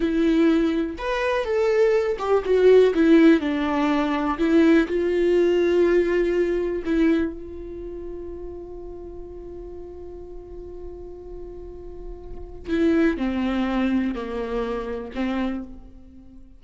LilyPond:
\new Staff \with { instrumentName = "viola" } { \time 4/4 \tempo 4 = 123 e'2 b'4 a'4~ | a'8 g'8 fis'4 e'4 d'4~ | d'4 e'4 f'2~ | f'2 e'4 f'4~ |
f'1~ | f'1~ | f'2 e'4 c'4~ | c'4 ais2 c'4 | }